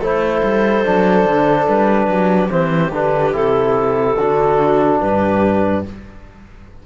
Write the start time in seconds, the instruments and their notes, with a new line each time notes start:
0.00 cello A3, trombone E4, viola A4, clarinet C5
0.43 cello G3
0.85 cello F#3, trombone D4
1.26 cello D3
1.68 cello G3, clarinet B4
2.07 cello F#3, viola G4
2.49 cello E3, trombone C4, clarinet C5
2.93 cello D3, trombone D4, clarinet B4
3.33 cello C3, trombone E4, clarinet A4
4.17 cello D3, trombone D4, viola F#4
5.01 cello G2, viola G4, clarinet B4